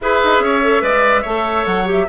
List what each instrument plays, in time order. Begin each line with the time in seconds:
0.01 bassoon E4, clarinet G#4, oboe B4, flute E5
0.24 bassoon D#4
0.39 bassoon C#4, oboe C#5
0.63 clarinet A4
0.81 bassoon G#3, clarinet B4, oboe D5
1.22 bassoon A3, clarinet A4, oboe C#5
1.65 bassoon F#3, flute F#5
1.85 clarinet G4
1.91 flute E5